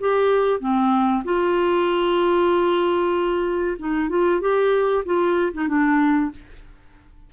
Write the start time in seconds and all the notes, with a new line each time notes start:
0.00 G4
0.60 C4
1.24 F4
3.79 D#4
4.09 F4
4.41 G4
5.05 F4
5.53 D#4
5.68 D4